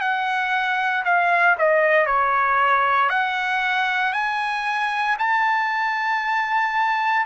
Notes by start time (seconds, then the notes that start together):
0.00 F#5
1.04 F5
1.58 D#5
2.06 C#5
3.09 F#5
4.13 G#5
5.19 A5